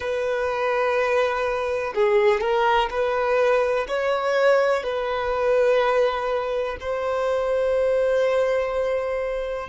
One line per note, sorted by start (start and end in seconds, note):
0.00 1.93 B4
1.94 2.41 G#4
2.41 2.89 A#4
2.89 3.86 B4
3.88 4.83 C#5
4.83 6.77 B4
6.80 9.69 C5